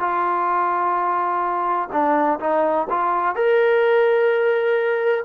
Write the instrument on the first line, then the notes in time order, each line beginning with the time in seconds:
trombone
0.00 F4
1.92 D4
2.40 D#4
2.90 F4
3.35 A#4